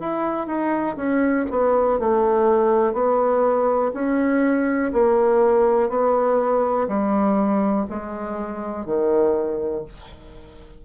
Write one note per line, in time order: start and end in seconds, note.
0.00 0.47 E4
0.47 0.96 D#4
0.97 1.46 C#4
1.51 1.99 B3
1.99 2.93 A3
2.93 3.92 B3
3.94 4.92 C#4
4.93 5.89 A#3
5.89 6.88 B3
6.88 7.86 G3
7.90 8.86 G#3
8.86 9.84 D#3